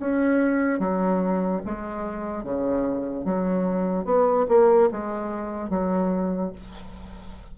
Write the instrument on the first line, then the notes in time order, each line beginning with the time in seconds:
bassoon
0.00 C#4
0.80 F#3
1.66 G#3
2.44 C#3
3.25 F#3
4.05 B3
4.49 A#3
4.92 G#3
5.70 F#3